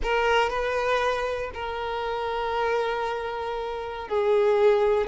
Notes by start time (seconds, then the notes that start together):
0.03 A#4
0.49 B4
1.54 A#4
4.08 G#4